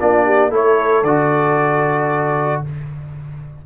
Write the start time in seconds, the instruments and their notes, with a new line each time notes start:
0.00 tuba A#3, trombone D4, horn F4, trumpet D5
0.26 horn G4
0.50 tuba A3, trombone E4, horn A4, trumpet C#5
1.03 tuba D3, trombone F#4, trumpet D5